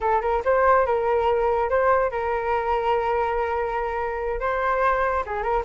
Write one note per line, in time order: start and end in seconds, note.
0.01 0.21 A4
0.21 0.42 A#4
0.44 0.86 C5
0.86 1.69 A#4
1.69 2.11 C5
2.11 4.40 A#4
4.40 5.24 C5
5.26 5.42 G#4
5.42 5.63 A#4